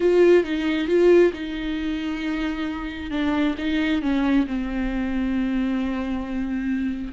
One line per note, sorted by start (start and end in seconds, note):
0.00 0.43 F4
0.43 0.87 D#4
0.87 1.32 F4
1.33 3.10 D#4
3.10 3.55 D4
3.58 4.02 D#4
4.02 4.46 C#4
4.46 7.13 C4